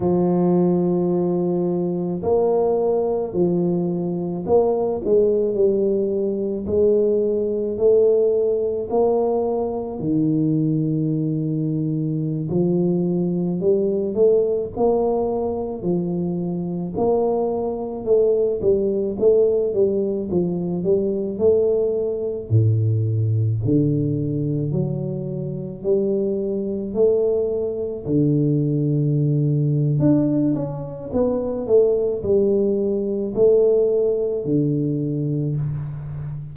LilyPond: \new Staff \with { instrumentName = "tuba" } { \time 4/4 \tempo 4 = 54 f2 ais4 f4 | ais8 gis8 g4 gis4 a4 | ais4 dis2~ dis16 f8.~ | f16 g8 a8 ais4 f4 ais8.~ |
ais16 a8 g8 a8 g8 f8 g8 a8.~ | a16 a,4 d4 fis4 g8.~ | g16 a4 d4.~ d16 d'8 cis'8 | b8 a8 g4 a4 d4 | }